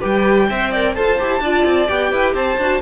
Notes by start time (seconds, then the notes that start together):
0.00 G3 G4 B4 G5
0.50 C4 C5 E5
0.71 A#4 D5
0.95 F4 A4 C5 A5
1.19 E4 G4
1.40 D4 F4 D5
1.65 C4
1.87 B3 G4 G5
2.11 E4 B4
2.34 C4 C5 A5
2.58 D4 F#4